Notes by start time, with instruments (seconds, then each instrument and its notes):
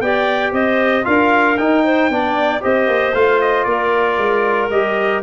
0.00 tuba B3, trombone G4, clarinet D5, trumpet G5
0.51 tuba C4, clarinet C5, trumpet D#5
1.03 tuba D4, trombone F4, clarinet A#4, trumpet F5
1.57 tuba D#4, trombone D#4, trumpet G5
1.84 clarinet C5
2.09 tuba B3, trombone D4, clarinet D5
2.60 tuba C4, trombone G4, clarinet C5, trumpet D#5
2.87 tuba A#3
3.14 tuba A3, trombone F4, trumpet F5
3.41 trumpet D#5
3.64 tuba A#3, clarinet A#4, trumpet D5
4.17 tuba G#3
4.70 tuba G3, trombone G4, trumpet D#5